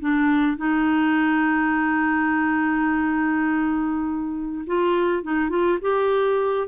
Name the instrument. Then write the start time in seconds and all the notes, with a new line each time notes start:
clarinet
0.00 D4
0.57 D#4
4.67 F4
5.23 D#4
5.49 F4
5.81 G4